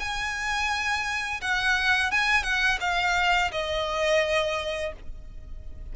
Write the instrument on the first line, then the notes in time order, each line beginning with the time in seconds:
violin
0.00 G#5
1.41 F#5
2.11 G#5
2.44 F#5
2.81 F5
3.52 D#5